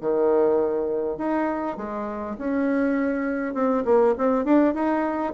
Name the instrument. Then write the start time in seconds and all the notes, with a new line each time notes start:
bassoon
0.00 D#3
1.17 D#4
1.77 G#3
2.38 C#4
3.54 C4
3.85 A#3
4.17 C4
4.44 D4
4.74 D#4